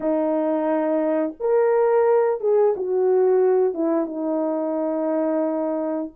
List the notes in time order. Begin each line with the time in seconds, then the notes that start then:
0.00 D#4
1.39 A#4
2.40 G#4
2.76 F#4
3.73 E4
4.06 D#4